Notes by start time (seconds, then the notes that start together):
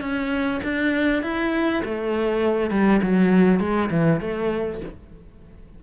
0.00 C#4
0.63 D4
1.22 E4
1.84 A3
2.71 G3
3.02 F#3
3.59 G#3
3.91 E3
4.21 A3